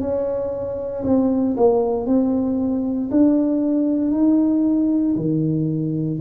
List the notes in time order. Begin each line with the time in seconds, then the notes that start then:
0.00 C#4
1.04 C4
1.57 A#3
2.06 C4
3.11 D4
4.11 D#4
5.16 D#3